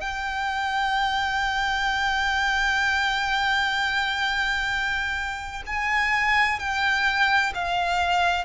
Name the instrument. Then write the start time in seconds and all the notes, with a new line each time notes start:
violin
0.00 G5
5.66 G#5
6.59 G5
7.54 F5